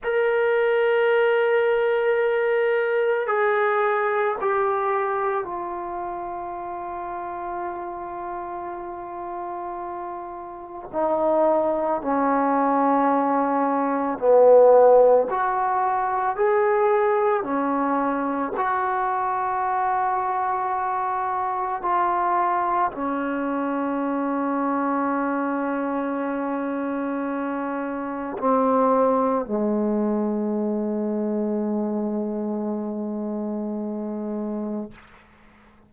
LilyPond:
\new Staff \with { instrumentName = "trombone" } { \time 4/4 \tempo 4 = 55 ais'2. gis'4 | g'4 f'2.~ | f'2 dis'4 cis'4~ | cis'4 b4 fis'4 gis'4 |
cis'4 fis'2. | f'4 cis'2.~ | cis'2 c'4 gis4~ | gis1 | }